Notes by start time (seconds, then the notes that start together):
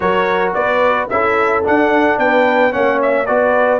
0.00 F#3 F#4 A#4 C#5
0.54 B3 B4 D5
1.09 C#4 E4 A4 E5
1.63 D4 F#5
2.18 B3 B4 G5
2.71 A#3 C#4 C#5 F#5
3.02 E5
3.25 B3 F#4 B4 D5